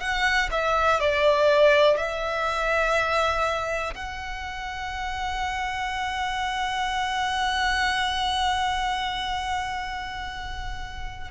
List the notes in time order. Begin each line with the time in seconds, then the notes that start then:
0.00 F#5
0.51 E5
1.00 D5
1.98 E5
3.94 F#5